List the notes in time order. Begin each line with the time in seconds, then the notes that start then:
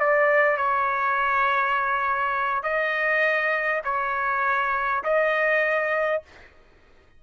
0.00 D5
0.57 C#5
2.63 D#5
3.85 C#5
5.04 D#5